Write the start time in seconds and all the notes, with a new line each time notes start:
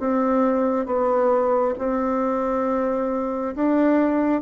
0.00 C4
0.87 B3
1.79 C4
3.56 D4